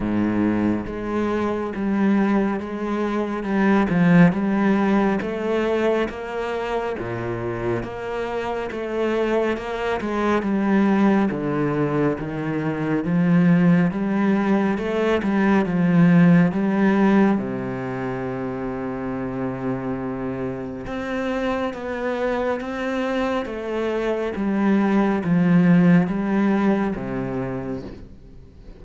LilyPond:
\new Staff \with { instrumentName = "cello" } { \time 4/4 \tempo 4 = 69 gis,4 gis4 g4 gis4 | g8 f8 g4 a4 ais4 | ais,4 ais4 a4 ais8 gis8 | g4 d4 dis4 f4 |
g4 a8 g8 f4 g4 | c1 | c'4 b4 c'4 a4 | g4 f4 g4 c4 | }